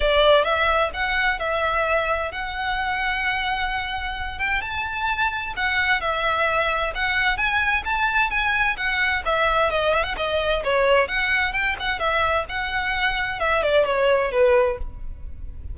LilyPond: \new Staff \with { instrumentName = "violin" } { \time 4/4 \tempo 4 = 130 d''4 e''4 fis''4 e''4~ | e''4 fis''2.~ | fis''4. g''8 a''2 | fis''4 e''2 fis''4 |
gis''4 a''4 gis''4 fis''4 | e''4 dis''8 e''16 fis''16 dis''4 cis''4 | fis''4 g''8 fis''8 e''4 fis''4~ | fis''4 e''8 d''8 cis''4 b'4 | }